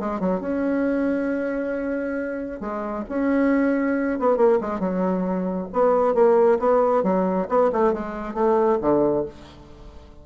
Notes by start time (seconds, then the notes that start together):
0.00 G#3
0.20 F#3
0.41 C#4
2.61 G#3
3.09 C#4
4.20 B3
4.37 A#3
4.61 G#3
4.80 F#3
5.73 B3
6.15 A#3
6.60 B3
7.04 F#3
7.49 B3
7.73 A3
7.93 G#3
8.34 A3
8.81 D3